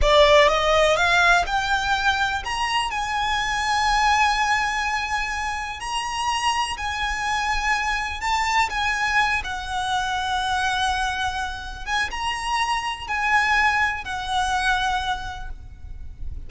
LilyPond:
\new Staff \with { instrumentName = "violin" } { \time 4/4 \tempo 4 = 124 d''4 dis''4 f''4 g''4~ | g''4 ais''4 gis''2~ | gis''1 | ais''2 gis''2~ |
gis''4 a''4 gis''4. fis''8~ | fis''1~ | fis''8 gis''8 ais''2 gis''4~ | gis''4 fis''2. | }